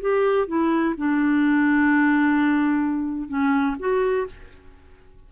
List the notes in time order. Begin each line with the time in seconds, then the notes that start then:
0.00 G4
0.47 E4
0.97 D4
3.28 C#4
3.79 F#4